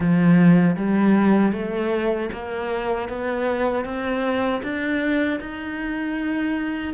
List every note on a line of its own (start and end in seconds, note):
0.00 0.76 F3
0.76 1.52 G3
1.52 2.29 A3
2.32 3.08 A#3
3.08 3.84 B3
3.84 4.61 C4
4.62 5.39 D4
5.40 6.93 D#4